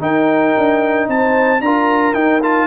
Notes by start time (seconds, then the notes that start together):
0.00 D#4 A#4 G5
0.58 D4
1.08 C4 C5 A5
1.61 D4 F4 A#4 A#5
2.14 D#4 G5
2.42 F4 A5